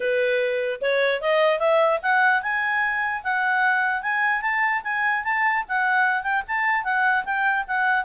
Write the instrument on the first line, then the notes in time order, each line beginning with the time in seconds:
clarinet
0.00 B4
0.81 C#5
1.21 D#5
1.59 E5
2.02 F#5
2.42 G#5
3.23 F#5
4.02 G#5
4.41 A5
4.83 G#5
5.24 A5
5.68 F#5
6.22 G5
6.47 A5
6.84 F#5
7.24 G5
7.67 F#5